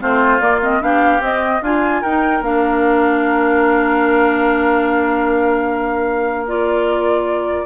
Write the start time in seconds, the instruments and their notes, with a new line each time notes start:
0.00 bassoon A3, clarinet C4, oboe F4, flute C5
0.40 clarinet A#3, bassoon A#3, flute D5
0.61 clarinet C4, flute D#5
0.81 bassoon B3, clarinet D4, oboe G4, flute F5
1.20 clarinet C4, bassoon C4, flute D#5
1.62 bassoon D4, oboe F4, clarinet F4, flute G#5
2.01 bassoon D#4, clarinet D#4, oboe A#4, flute G5
2.41 bassoon A#3, clarinet D4, flute F5
6.47 clarinet F4, flute D5